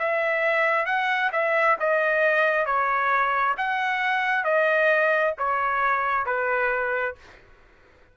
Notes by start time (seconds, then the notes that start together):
0.00 E5
0.86 F#5
1.33 E5
1.80 D#5
2.66 C#5
3.58 F#5
4.45 D#5
5.39 C#5
6.26 B4